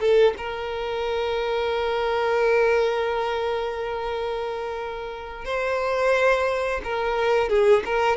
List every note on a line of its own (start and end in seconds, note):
0.00 0.34 A4
0.38 5.45 A#4
5.45 6.81 C5
6.84 7.49 A#4
7.49 7.83 G#4
7.86 8.17 A#4